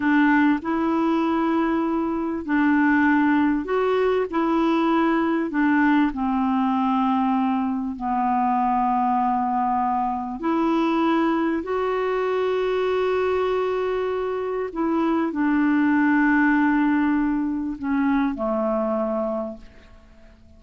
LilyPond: \new Staff \with { instrumentName = "clarinet" } { \time 4/4 \tempo 4 = 98 d'4 e'2. | d'2 fis'4 e'4~ | e'4 d'4 c'2~ | c'4 b2.~ |
b4 e'2 fis'4~ | fis'1 | e'4 d'2.~ | d'4 cis'4 a2 | }